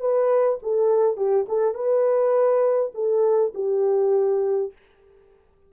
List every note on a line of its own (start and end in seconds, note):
0.00 0.59 B4
0.63 1.17 A4
1.17 1.46 G4
1.49 1.75 A4
1.75 2.92 B4
2.95 3.53 A4
3.55 4.72 G4